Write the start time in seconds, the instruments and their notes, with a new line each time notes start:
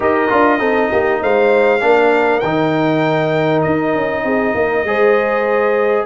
0.00 tuba D#4, trombone G4, horn A#4, trumpet D#5
0.28 tuba D4, trombone F4
0.58 tuba C4, trombone D#4, horn A4
0.90 tuba A#3, horn G4
1.21 tuba G#3, horn C5, trumpet F5
1.81 tuba A#3, trombone D4, horn A#4
2.39 tuba D#3, trombone D#4, trumpet G5
3.61 tuba D#4, trumpet D#5
3.94 tuba C#4
4.23 tuba C4, horn G#4
4.54 tuba A#3, horn A#4
4.84 tuba G#3, trombone G#4, horn C5